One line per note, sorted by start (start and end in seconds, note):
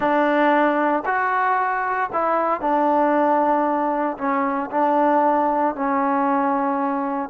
0.00 1.03 D4
1.05 2.10 F#4
2.12 2.60 E4
2.60 4.17 D4
4.17 4.70 C#4
4.70 5.75 D4
5.75 7.29 C#4